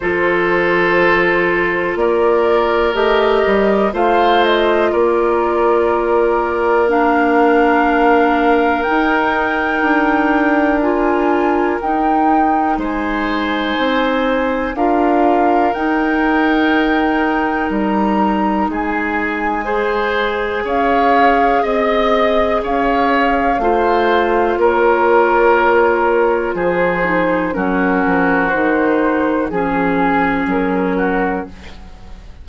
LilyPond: <<
  \new Staff \with { instrumentName = "flute" } { \time 4/4 \tempo 4 = 61 c''2 d''4 dis''4 | f''8 dis''8 d''2 f''4~ | f''4 g''2 gis''4 | g''4 gis''2 f''4 |
g''2 ais''4 gis''4~ | gis''4 f''4 dis''4 f''4~ | f''4 cis''2 c''4 | ais'4 c''4 gis'4 ais'4 | }
  \new Staff \with { instrumentName = "oboe" } { \time 4/4 a'2 ais'2 | c''4 ais'2.~ | ais'1~ | ais'4 c''2 ais'4~ |
ais'2. gis'4 | c''4 cis''4 dis''4 cis''4 | c''4 ais'2 gis'4 | fis'2 gis'4. fis'8 | }
  \new Staff \with { instrumentName = "clarinet" } { \time 4/4 f'2. g'4 | f'2. d'4~ | d'4 dis'2 f'4 | dis'2. f'4 |
dis'1 | gis'1 | f'2.~ f'8 dis'8 | cis'4 dis'4 cis'2 | }
  \new Staff \with { instrumentName = "bassoon" } { \time 4/4 f2 ais4 a8 g8 | a4 ais2.~ | ais4 dis'4 d'2 | dis'4 gis4 c'4 d'4 |
dis'2 g4 gis4~ | gis4 cis'4 c'4 cis'4 | a4 ais2 f4 | fis8 f8 dis4 f4 fis4 | }
>>